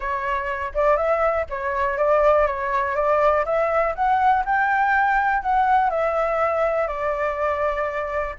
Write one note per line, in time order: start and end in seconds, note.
0.00 0.72 C#5
0.74 0.96 D5
0.96 1.45 E5
1.49 1.97 C#5
1.97 2.46 D5
2.46 2.95 C#5
2.95 3.44 D5
3.45 3.94 E5
3.95 4.44 F#5
4.45 5.42 G5
5.42 5.90 F#5
5.90 6.87 E5
6.87 8.35 D5